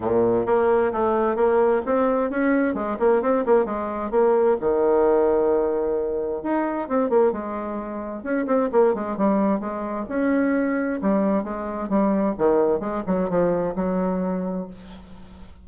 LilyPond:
\new Staff \with { instrumentName = "bassoon" } { \time 4/4 \tempo 4 = 131 ais,4 ais4 a4 ais4 | c'4 cis'4 gis8 ais8 c'8 ais8 | gis4 ais4 dis2~ | dis2 dis'4 c'8 ais8 |
gis2 cis'8 c'8 ais8 gis8 | g4 gis4 cis'2 | g4 gis4 g4 dis4 | gis8 fis8 f4 fis2 | }